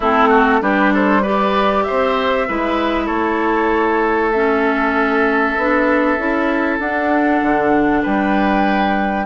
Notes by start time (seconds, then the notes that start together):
0.00 A3 C4 E4 A4
0.28 F#4
0.61 G3 D4 G4 B4
0.93 A4 C5
1.22 G4 B4 D5
1.83 C5 E5
1.90 C4
2.47 G#3 E4 B4
3.05 A3 A4 C#5
4.31 C#4 E5
5.56 B3 D4
6.18 C#4 E4
6.79 D4 F#5
7.41 D3
8.02 G3 B4 G5